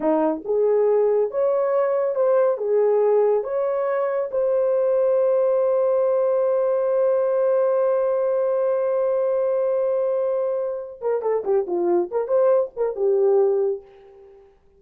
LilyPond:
\new Staff \with { instrumentName = "horn" } { \time 4/4 \tempo 4 = 139 dis'4 gis'2 cis''4~ | cis''4 c''4 gis'2 | cis''2 c''2~ | c''1~ |
c''1~ | c''1~ | c''4. ais'8 a'8 g'8 f'4 | ais'8 c''4 ais'8 g'2 | }